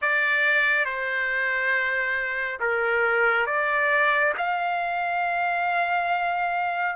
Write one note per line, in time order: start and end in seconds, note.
0.01 0.85 D5
0.85 2.59 C5
2.60 3.46 A#4
3.46 4.33 D5
4.37 6.96 F5